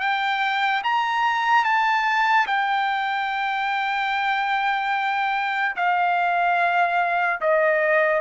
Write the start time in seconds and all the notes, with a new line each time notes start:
0.00 G5
0.84 A#5
1.64 A5
2.47 G5
5.76 F5
7.41 D#5